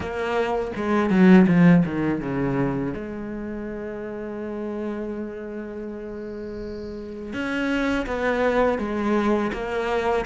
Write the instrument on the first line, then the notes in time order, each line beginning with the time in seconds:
cello
0.00 A#3
0.75 G#3
1.10 F#3
1.47 F3
1.85 D#3
2.20 C#3
2.94 G#3
7.33 C#4
8.06 B3
8.78 G#3
9.52 A#3